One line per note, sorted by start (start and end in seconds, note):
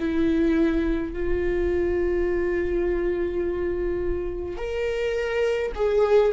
0.00 1.13 E4
1.13 4.57 F4
4.57 5.73 A#4
5.75 6.33 G#4